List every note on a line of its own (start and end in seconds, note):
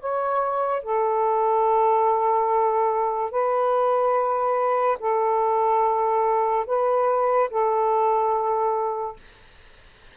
0.00 0.83 C#5
0.83 3.31 A4
3.31 4.98 B4
5.00 6.66 A4
6.67 7.50 B4
7.50 9.17 A4